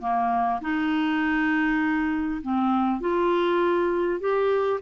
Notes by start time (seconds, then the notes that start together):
0.00 A#3
0.61 D#4
2.42 C4
3.00 F4
4.20 G4